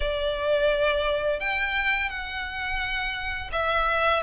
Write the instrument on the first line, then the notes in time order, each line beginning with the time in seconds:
violin
0.00 D5
1.40 G5
2.09 F#5
3.52 E5